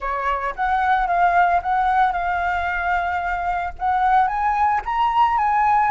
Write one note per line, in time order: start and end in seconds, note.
0.00 0.54 C#5
0.55 1.07 F#5
1.07 1.60 F5
1.62 2.12 F#5
2.12 3.73 F5
3.78 4.27 F#5
4.27 4.81 G#5
4.85 5.37 A#5
5.37 5.91 G#5